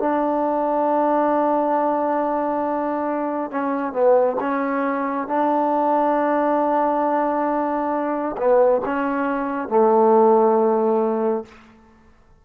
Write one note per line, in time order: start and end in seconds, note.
0.00 3.52 D4
3.52 3.93 C#4
3.93 4.37 B3
4.41 5.28 C#4
5.28 8.37 D4
8.38 8.82 B3
8.85 9.69 C#4
9.69 11.45 A3